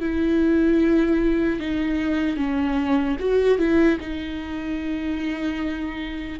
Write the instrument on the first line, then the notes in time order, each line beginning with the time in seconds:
viola
0.00 E4
1.60 D#4
2.36 C#4
3.19 F#4
3.58 E4
4.00 D#4